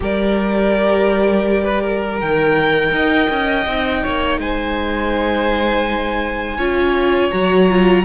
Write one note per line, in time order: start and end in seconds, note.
0.00 2.21 G3
0.00 2.18 G4
0.00 1.63 A#4
0.00 2.20 D5
1.63 1.81 B4
1.81 2.91 A#4
2.18 2.91 D#3
2.18 3.64 A#4
2.18 4.39 G5
2.91 3.28 D#4
2.91 4.03 D#5
3.30 3.66 C#4
3.66 4.03 C4
3.66 6.59 D#4
4.03 4.38 A#3
4.03 4.39 C#5
4.38 6.57 G#3
4.38 6.57 C5
4.38 7.31 G#5
6.57 7.30 C#4
6.57 7.31 F4
6.57 8.03 C#5
7.31 8.05 F#3
7.31 7.68 F#4
7.31 8.04 A#5
7.68 8.05 F4